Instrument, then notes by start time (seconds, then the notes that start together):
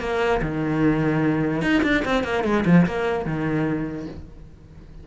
cello
0.00 A#3
0.42 D#3
1.62 D#4
1.83 D4
2.05 C4
2.24 A#3
2.44 G#3
2.65 F3
2.86 A#3
3.25 D#3